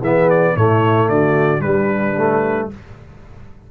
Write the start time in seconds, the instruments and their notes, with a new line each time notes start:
0.00 tuba E3, trombone B3, horn G#4, trumpet E5
0.30 trumpet D5
0.56 tuba A2, trombone A3, horn E4, trumpet C#5
1.09 tuba D3, horn F#4, trumpet D5
1.59 trombone G3, tuba G3, horn D4, trumpet B4
2.17 trombone A3